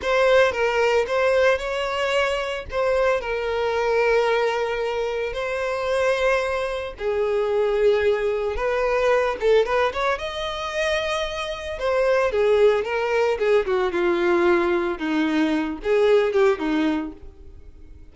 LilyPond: \new Staff \with { instrumentName = "violin" } { \time 4/4 \tempo 4 = 112 c''4 ais'4 c''4 cis''4~ | cis''4 c''4 ais'2~ | ais'2 c''2~ | c''4 gis'2. |
b'4. a'8 b'8 cis''8 dis''4~ | dis''2 c''4 gis'4 | ais'4 gis'8 fis'8 f'2 | dis'4. gis'4 g'8 dis'4 | }